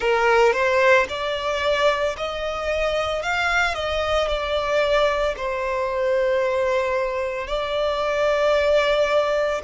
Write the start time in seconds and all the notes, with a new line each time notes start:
0.00 A#4
0.52 C5
1.08 D5
2.17 D#5
3.22 F5
3.74 D#5
4.27 D5
5.36 C5
7.47 D5